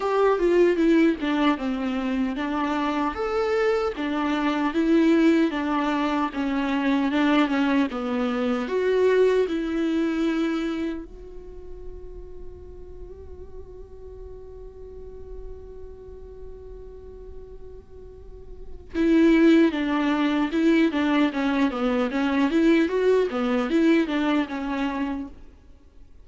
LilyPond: \new Staff \with { instrumentName = "viola" } { \time 4/4 \tempo 4 = 76 g'8 f'8 e'8 d'8 c'4 d'4 | a'4 d'4 e'4 d'4 | cis'4 d'8 cis'8 b4 fis'4 | e'2 fis'2~ |
fis'1~ | fis'1 | e'4 d'4 e'8 d'8 cis'8 b8 | cis'8 e'8 fis'8 b8 e'8 d'8 cis'4 | }